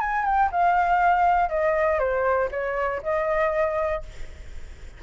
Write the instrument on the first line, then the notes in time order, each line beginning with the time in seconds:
flute
0.00 G#5
0.25 G5
0.52 F5
1.49 D#5
1.99 C5
2.51 C#5
3.03 D#5